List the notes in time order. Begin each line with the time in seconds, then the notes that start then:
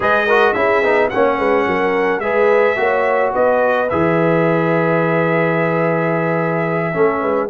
0.00 G#3 G#4 B4 D#5
0.27 F#4 A#4
0.53 C#4 E4 G#4 E5
0.83 B3 D#4
1.09 A#3 C#4 C#5 F#5
1.38 G#3 B4
1.66 F#3 A#4
2.19 G#3 G#4 B4 E5
2.76 A#3 F#4 C#5
3.33 B3 B4 D#5
3.89 E3 G#4 E5
6.93 A3 C#4 A4
7.20 G#3 B4